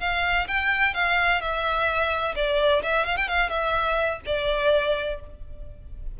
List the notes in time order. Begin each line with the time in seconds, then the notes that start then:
0.00 F5
0.48 G5
0.94 F5
1.41 E5
2.35 D5
2.83 E5
3.06 F5
3.17 G5
3.28 F5
3.50 E5
4.26 D5